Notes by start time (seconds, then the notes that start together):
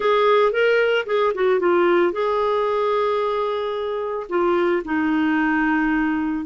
0.00 G#4
0.52 A#4
1.06 G#4
1.34 F#4
1.59 F4
2.12 G#4
4.29 F4
4.84 D#4